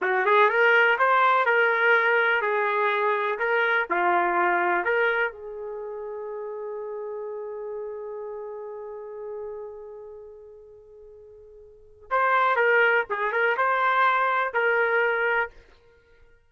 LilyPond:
\new Staff \with { instrumentName = "trumpet" } { \time 4/4 \tempo 4 = 124 fis'8 gis'8 ais'4 c''4 ais'4~ | ais'4 gis'2 ais'4 | f'2 ais'4 gis'4~ | gis'1~ |
gis'1~ | gis'1~ | gis'4 c''4 ais'4 gis'8 ais'8 | c''2 ais'2 | }